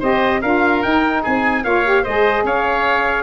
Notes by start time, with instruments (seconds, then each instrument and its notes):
0.00 tuba C4, saxophone G4, oboe C5, trumpet D#5
0.42 tuba D4, saxophone F4, oboe A#4, trumpet F5
0.83 saxophone D#4, tuba D#4, trumpet G5
1.23 tuba C4, oboe G#4, trumpet G#5
1.64 tuba A#3, saxophone F4, oboe C#5, trumpet F5
1.85 saxophone G4
2.03 tuba G#3, saxophone G#4, oboe C5, trumpet D#5
2.44 tuba C#4, oboe C#5, trumpet F5